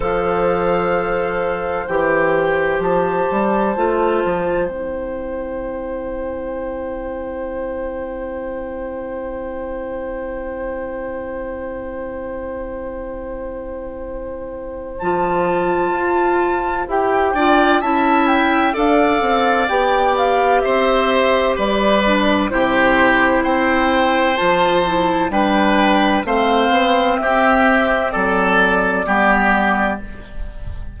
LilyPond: <<
  \new Staff \with { instrumentName = "flute" } { \time 4/4 \tempo 4 = 64 f''2 g''4 a''4~ | a''4 g''2.~ | g''1~ | g''1 |
a''2 g''4 a''8 g''8 | f''4 g''8 f''8 e''4 d''4 | c''4 g''4 a''4 g''4 | f''4 e''4 d''2 | }
  \new Staff \with { instrumentName = "oboe" } { \time 4/4 c''1~ | c''1~ | c''1~ | c''1~ |
c''2~ c''8 d''8 e''4 | d''2 c''4 b'4 | g'4 c''2 b'4 | c''4 g'4 a'4 g'4 | }
  \new Staff \with { instrumentName = "clarinet" } { \time 4/4 a'2 g'2 | f'4 e'2.~ | e'1~ | e'1 |
f'2 g'8 f'8 e'4 | a'4 g'2~ g'8 d'8 | e'2 f'8 e'8 d'4 | c'2. b4 | }
  \new Staff \with { instrumentName = "bassoon" } { \time 4/4 f2 e4 f8 g8 | a8 f8 c'2.~ | c'1~ | c'1 |
f4 f'4 e'8 d'8 cis'4 | d'8 c'8 b4 c'4 g4 | c4 c'4 f4 g4 | a8 b8 c'4 fis4 g4 | }
>>